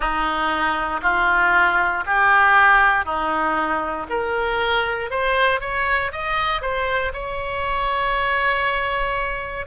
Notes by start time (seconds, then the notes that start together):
0.00 D#4
1.02 F4
2.06 G4
3.05 D#4
4.09 A#4
5.10 C5
5.60 C#5
6.12 D#5
6.61 C5
7.13 C#5